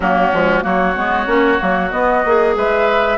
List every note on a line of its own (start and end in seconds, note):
0.00 0.31 F#3
0.00 0.32 A#3
0.00 0.63 C#4
0.00 0.64 F#4
0.32 0.64 F3
0.32 0.62 G#3
0.62 0.96 F#3
0.62 0.93 A#3
0.62 2.55 F#4
0.62 1.91 C#5
0.96 1.26 G#3
0.96 1.26 B3
1.26 1.58 A#3
1.26 1.58 C#4
1.59 1.92 F#3
1.59 1.90 A#3
1.91 2.23 B3
1.91 2.24 B3
1.91 2.54 D#5
2.24 2.56 A#3
2.24 3.17 G#4
2.56 3.17 G#3
2.56 3.17 B4
2.56 3.17 E5